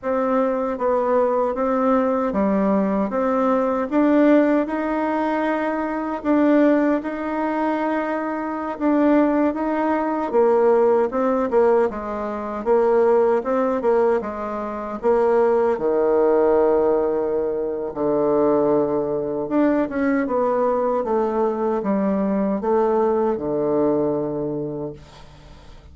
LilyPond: \new Staff \with { instrumentName = "bassoon" } { \time 4/4 \tempo 4 = 77 c'4 b4 c'4 g4 | c'4 d'4 dis'2 | d'4 dis'2~ dis'16 d'8.~ | d'16 dis'4 ais4 c'8 ais8 gis8.~ |
gis16 ais4 c'8 ais8 gis4 ais8.~ | ais16 dis2~ dis8. d4~ | d4 d'8 cis'8 b4 a4 | g4 a4 d2 | }